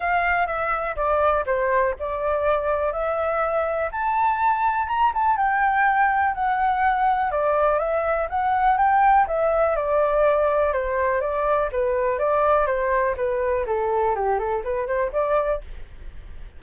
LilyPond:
\new Staff \with { instrumentName = "flute" } { \time 4/4 \tempo 4 = 123 f''4 e''4 d''4 c''4 | d''2 e''2 | a''2 ais''8 a''8 g''4~ | g''4 fis''2 d''4 |
e''4 fis''4 g''4 e''4 | d''2 c''4 d''4 | b'4 d''4 c''4 b'4 | a'4 g'8 a'8 b'8 c''8 d''4 | }